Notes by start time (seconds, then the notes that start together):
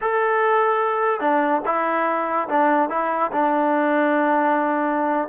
0.01 A4
1.20 D4
1.65 E4
2.48 D4
2.89 E4
3.32 D4